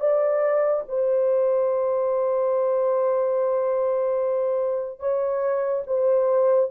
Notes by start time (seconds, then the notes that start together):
0.00 D5
0.88 C5
5.00 C#5
5.87 C5